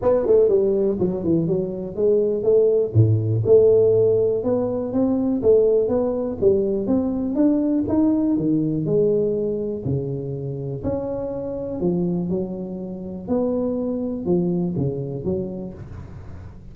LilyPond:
\new Staff \with { instrumentName = "tuba" } { \time 4/4 \tempo 4 = 122 b8 a8 g4 fis8 e8 fis4 | gis4 a4 a,4 a4~ | a4 b4 c'4 a4 | b4 g4 c'4 d'4 |
dis'4 dis4 gis2 | cis2 cis'2 | f4 fis2 b4~ | b4 f4 cis4 fis4 | }